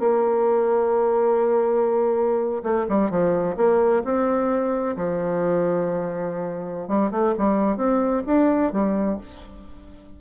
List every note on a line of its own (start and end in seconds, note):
0.00 2.63 A#3
2.64 2.86 A3
2.89 3.10 G3
3.10 3.56 F3
3.57 4.03 A#3
4.05 4.96 C4
4.97 6.88 F3
6.88 7.11 G3
7.11 7.34 A3
7.38 7.77 G3
7.77 8.23 C4
8.27 8.73 D4
8.73 9.18 G3